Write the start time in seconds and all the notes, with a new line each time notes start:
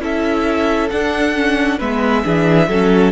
0.00 C#4 E4 A4 E5
0.89 D4 F#5
1.35 C#4
1.78 G#3 B3 B4 E5
2.24 E3 D4 G#4
2.68 F#3 C#4 A4